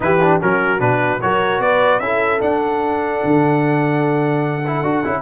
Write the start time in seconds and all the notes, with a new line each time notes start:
0.00 E3 E4 G4 B4
0.21 D4
0.40 F#3 C#4 F#4 A#4
0.79 B2 D4 B4
1.21 F#3 F#4 A#4 C#5
1.59 B3 B4 D5
1.99 C#4 E4 A4 E5
2.40 D4 F#5
3.24 D3
4.66 E4
4.83 D4 F#4
5.04 C#4 E4